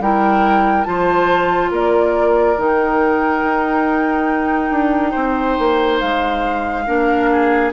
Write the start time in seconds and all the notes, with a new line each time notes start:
0.00 G3 E4 A#4 G5
0.85 F3 F4 C5 A5
1.72 A#3 A#4 D5
2.58 D#3 D#4 G5
3.44 D#4
4.71 D4
5.12 C4 C5
5.59 A#3
6.00 G#3 F5
6.87 A#3 D4 A#4
7.32 G#4